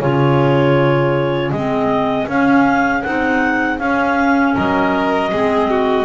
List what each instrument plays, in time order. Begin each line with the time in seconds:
0.00 double bass C#3, clarinet F4 C#5, violin G#4
1.52 double bass G#3, clarinet C4 D#5
2.28 double bass C#4, clarinet C#4 F5
3.03 double bass C4, clarinet D#4 F#5
3.79 clarinet C#4 F5, double bass C#4
4.55 double bass F#3, violin A#4, clarinet D#5
5.31 double bass G#3, clarinet C4, violin G#4
5.71 violin F#4